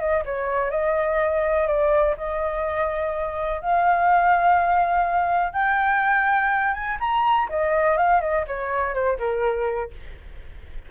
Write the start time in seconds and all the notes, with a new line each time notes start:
0.00 D#5
0.26 C#5
0.71 D#5
1.68 D5
2.18 D#5
3.62 F5
5.53 G5
6.74 G#5
7.01 A#5
7.50 D#5
7.98 F5
8.21 D#5
8.47 C#5
8.94 C5
9.19 A#4